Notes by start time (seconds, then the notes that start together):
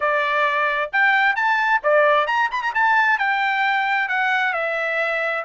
0.00 D5
0.92 G5
1.35 A5
1.83 D5
2.26 A#5
2.51 B5
2.62 A#5
2.74 A5
3.18 G5
4.08 F#5
4.53 E5